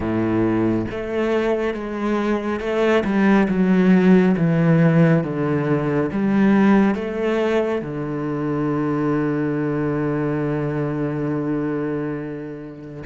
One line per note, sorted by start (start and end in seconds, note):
0.00 0.85 A2
0.90 1.74 A3
1.74 2.60 G#3
2.60 3.03 A3
3.04 3.47 G3
3.48 4.35 F#3
4.37 5.23 E3
5.23 6.10 D3
6.11 6.94 G3
6.94 7.81 A3
7.81 13.03 D3